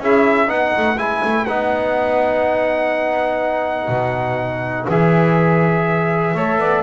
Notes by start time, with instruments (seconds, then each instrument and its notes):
0.00 double bass C#4, trombone E4, saxophone G#4, trumpet E5
0.47 double bass B3, trombone D#4, saxophone B4, trumpet F#5
0.78 double bass A3
0.97 double bass G#3, trombone E4, trumpet G#5
1.24 double bass A3
1.46 double bass B3, trombone D#4, trumpet F#5
3.88 double bass B2
4.89 double bass E3, trombone G#4, trumpet E5
6.35 double bass A3, trombone A4, saxophone C#5
6.58 double bass B3, saxophone D5